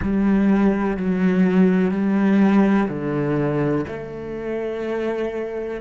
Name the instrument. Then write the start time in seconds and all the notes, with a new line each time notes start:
cello
0.02 G3
0.96 F#3
1.91 G3
2.88 D3
3.87 A3